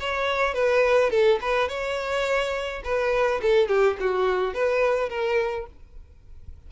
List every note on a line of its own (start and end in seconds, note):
0.00 0.54 C#5
0.54 1.11 B4
1.11 1.39 A4
1.42 1.68 B4
1.68 2.83 C#5
2.84 3.41 B4
3.42 3.68 A4
3.68 3.97 G4
4.00 4.54 F#4
4.54 5.09 B4
5.09 5.66 A#4